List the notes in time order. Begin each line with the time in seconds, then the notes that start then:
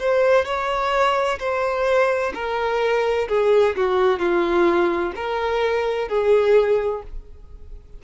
0.00 C5
0.46 C#5
1.39 C5
2.35 A#4
3.29 G#4
3.76 F#4
4.19 F4
5.16 A#4
6.09 G#4